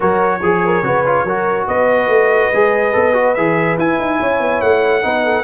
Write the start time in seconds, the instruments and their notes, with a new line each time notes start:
0.00 tuba F#3, trombone F#4, horn A#4, trumpet C#5
0.42 tuba F3, horn G#4, trombone G#4
0.65 horn A#4
0.82 tuba C#3, trombone F#4, horn B4
1.06 trombone F4
1.24 tuba F#3, trombone F#4, horn A#4
1.67 tuba B3, horn B4, trumpet D#5
2.07 tuba A3
2.52 tuba G#3, trombone G#4
2.92 tuba B3, trombone A4
3.13 trombone F#4
3.34 tuba E3, trombone G#4, trumpet E5
3.77 tuba E4, trombone E4, trumpet G#5
3.99 tuba D#4
4.19 tuba C#4, horn C#5
4.40 tuba B3
4.61 tuba A3, trumpet F#5
5.01 tuba B3, trombone D#4, horn B4
5.24 horn A4